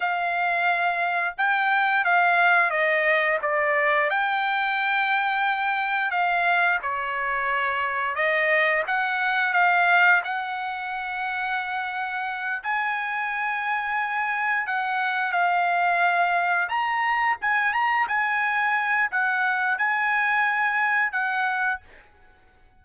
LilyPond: \new Staff \with { instrumentName = "trumpet" } { \time 4/4 \tempo 4 = 88 f''2 g''4 f''4 | dis''4 d''4 g''2~ | g''4 f''4 cis''2 | dis''4 fis''4 f''4 fis''4~ |
fis''2~ fis''8 gis''4.~ | gis''4. fis''4 f''4.~ | f''8 ais''4 gis''8 ais''8 gis''4. | fis''4 gis''2 fis''4 | }